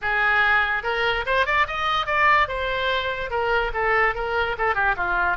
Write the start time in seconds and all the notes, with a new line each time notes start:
0.01 G#4
0.83 A#4
1.26 C5
1.46 D5
1.67 D#5
2.06 D5
2.47 C5
3.30 A#4
3.73 A4
4.15 A#4
4.58 A4
4.74 G4
4.97 F4